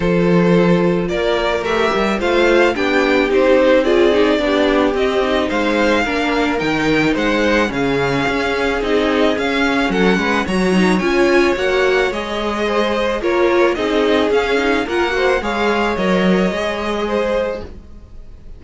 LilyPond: <<
  \new Staff \with { instrumentName = "violin" } { \time 4/4 \tempo 4 = 109 c''2 d''4 e''4 | f''4 g''4 c''4 d''4~ | d''4 dis''4 f''2 | g''4 fis''4 f''2 |
dis''4 f''4 fis''4 ais''4 | gis''4 fis''4 dis''2 | cis''4 dis''4 f''4 fis''4 | f''4 dis''2. | }
  \new Staff \with { instrumentName = "violin" } { \time 4/4 a'2 ais'2 | c''4 g'2 gis'4 | g'2 c''4 ais'4~ | ais'4 c''4 gis'2~ |
gis'2 a'8 b'8 cis''4~ | cis''2. c''4 | ais'4 gis'2 ais'8 c''8 | cis''2. c''4 | }
  \new Staff \with { instrumentName = "viola" } { \time 4/4 f'2. g'4 | f'4 d'4 dis'4 f'8 dis'8 | d'4 c'8 dis'4. d'4 | dis'2 cis'2 |
dis'4 cis'2 fis'8 dis'8 | f'4 fis'4 gis'2 | f'4 dis'4 cis'8 dis'8 f'8 fis'8 | gis'4 ais'4 gis'2 | }
  \new Staff \with { instrumentName = "cello" } { \time 4/4 f2 ais4 a8 g8 | a4 b4 c'2 | b4 c'4 gis4 ais4 | dis4 gis4 cis4 cis'4 |
c'4 cis'4 fis8 gis8 fis4 | cis'4 ais4 gis2 | ais4 c'4 cis'4 ais4 | gis4 fis4 gis2 | }
>>